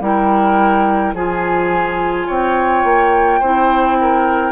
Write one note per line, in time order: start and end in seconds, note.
0.00 1.13 G3
0.00 1.15 E4
0.00 1.14 A#4
0.00 1.14 G5
1.13 2.26 F3
1.13 3.42 F4
1.13 2.27 G#4
1.13 2.28 G#5
2.27 2.84 C4
2.27 3.40 C#5
2.27 4.52 G5
2.84 3.40 A#3
3.40 4.52 C4
3.40 4.52 E4
3.40 3.96 C5
4.00 4.52 A#4